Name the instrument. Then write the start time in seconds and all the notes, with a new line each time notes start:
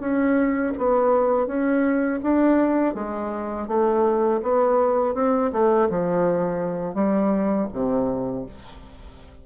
bassoon
0.00 C#4
0.78 B3
1.47 C#4
2.23 D4
2.95 G#3
3.68 A3
4.43 B3
5.15 C4
5.52 A3
5.90 F3
6.95 G3
7.73 C3